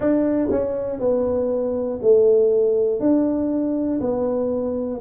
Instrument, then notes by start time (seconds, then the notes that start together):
tuba
0.00 D4
0.50 C#4
1.00 B3
2.01 A3
3.00 D4
4.00 B3